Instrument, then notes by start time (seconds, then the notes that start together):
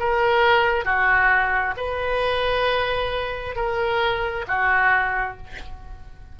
oboe
0.00 A#4
0.85 F#4
1.77 B4
3.56 A#4
4.48 F#4